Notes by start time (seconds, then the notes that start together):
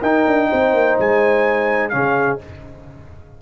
0.00 D#4 A#4 G5
0.26 D4
0.49 C4 C5
0.73 A#3
0.98 G#3 G#5
1.89 C#3 C#4 G#4 F5